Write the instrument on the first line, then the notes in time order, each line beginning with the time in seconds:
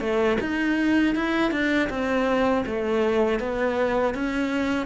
cello
0.00 A3
0.40 D#4
1.15 E4
1.51 D4
1.89 C4
2.66 A3
3.39 B3
4.14 C#4